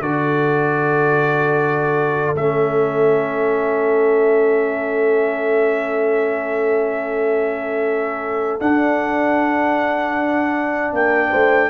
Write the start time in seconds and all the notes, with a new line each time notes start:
0.00 D3 F#4 A4 D5
2.35 A3 C#4 E5
8.60 D4 F#5
10.92 A#3 A#4 G5
11.29 A3 C5